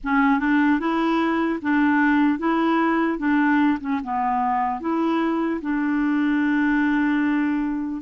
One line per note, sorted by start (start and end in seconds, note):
0.03 0.39 C#4
0.39 0.79 D4
0.79 1.59 E4
1.61 2.39 D4
2.39 3.18 E4
3.18 3.78 D4
3.80 4.00 C#4
4.03 4.80 B3
4.80 5.60 E4
5.61 8.01 D4